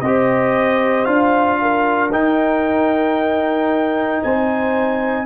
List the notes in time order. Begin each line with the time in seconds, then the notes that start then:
0.00 C4 G4 C5 D#5
1.04 D4 F4 F5
1.61 A#4
2.11 D#4 G5
4.22 C4 C5 G#5